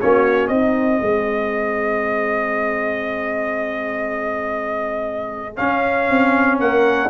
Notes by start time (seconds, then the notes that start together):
0.00 A#3 C#4 F#4 C#5
0.47 C4 D#4 D#5
1.01 G#3 G#4
5.56 C#4 F5
6.09 C4
6.59 A#3 A#4 F#5